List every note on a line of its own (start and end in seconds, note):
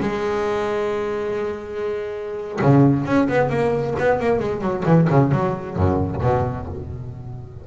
0.00 2.59 G#3
2.62 3.05 C#3
3.05 3.28 C#4
3.28 3.50 B3
3.50 3.95 A#3
3.99 4.20 B3
4.20 4.39 A#3
4.39 4.61 G#3
4.61 4.84 F#3
4.85 5.08 E3
5.10 5.31 C#3
5.31 5.76 F#3
5.76 6.21 F#2
6.22 6.67 B2